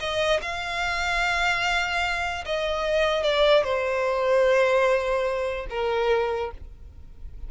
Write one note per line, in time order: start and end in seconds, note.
0.00 0.41 D#5
0.42 2.45 F5
2.45 3.24 D#5
3.24 3.64 D5
3.64 5.67 C5
5.70 6.51 A#4